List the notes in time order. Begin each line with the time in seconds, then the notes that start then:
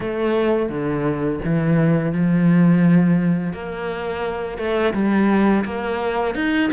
0.00 A3
0.69 D3
1.44 E3
2.12 F3
3.53 A#3
4.58 A3
4.93 G3
5.64 A#3
6.35 D#4